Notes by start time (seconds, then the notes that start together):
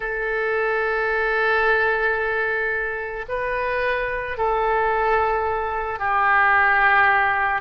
0.00 A4
3.28 B4
4.37 A4
5.99 G4